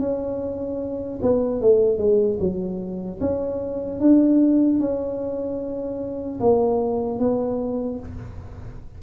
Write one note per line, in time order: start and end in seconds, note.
0.00 1.20 C#4
1.23 1.61 B3
1.61 1.99 A3
1.99 2.39 G#3
2.40 3.20 F#3
3.21 4.00 C#4
4.00 4.80 D4
4.80 6.40 C#4
6.40 7.20 A#3
7.20 8.00 B3